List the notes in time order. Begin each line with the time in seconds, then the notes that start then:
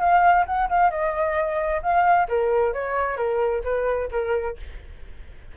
0.00 F5
0.46 F#5
0.70 F5
0.91 D#5
1.83 F5
2.29 A#4
2.74 C#5
3.17 A#4
3.64 B4
4.12 A#4